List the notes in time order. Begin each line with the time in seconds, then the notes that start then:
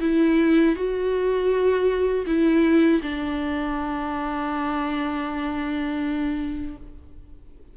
0.00 E4
0.75 F#4
2.26 E4
3.01 D4